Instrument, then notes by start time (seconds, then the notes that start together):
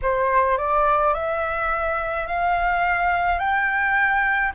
flute
0.02 C5
0.57 D5
1.13 E5
2.26 F5
3.39 G5